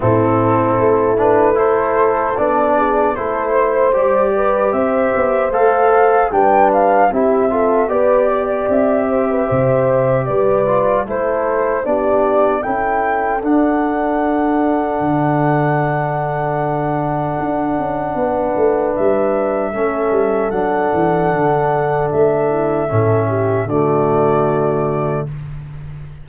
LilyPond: <<
  \new Staff \with { instrumentName = "flute" } { \time 4/4 \tempo 4 = 76 a'4. b'8 c''4 d''4 | c''4 d''4 e''4 f''4 | g''8 f''8 e''4 d''4 e''4~ | e''4 d''4 c''4 d''4 |
g''4 fis''2.~ | fis''1 | e''2 fis''2 | e''2 d''2 | }
  \new Staff \with { instrumentName = "horn" } { \time 4/4 e'2 a'4. gis'8 | a'8 c''4 b'8 c''2 | b'4 g'8 a'8 b'8 d''4 c''16 b'16 | c''4 b'4 a'4 g'4 |
a'1~ | a'2. b'4~ | b'4 a'2.~ | a'8 e'8 a'8 g'8 fis'2 | }
  \new Staff \with { instrumentName = "trombone" } { \time 4/4 c'4. d'8 e'4 d'4 | e'4 g'2 a'4 | d'4 e'8 f'8 g'2~ | g'4. f'8 e'4 d'4 |
e'4 d'2.~ | d'1~ | d'4 cis'4 d'2~ | d'4 cis'4 a2 | }
  \new Staff \with { instrumentName = "tuba" } { \time 4/4 a,4 a2 b4 | a4 g4 c'8 b8 a4 | g4 c'4 b4 c'4 | c4 g4 a4 b4 |
cis'4 d'2 d4~ | d2 d'8 cis'8 b8 a8 | g4 a8 g8 fis8 e8 d4 | a4 a,4 d2 | }
>>